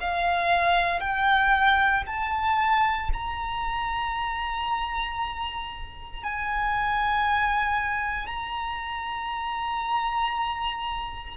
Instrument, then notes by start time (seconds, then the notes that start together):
violin
0.00 F5
1.00 G5
2.06 A5
3.13 A#5
6.24 G#5
8.27 A#5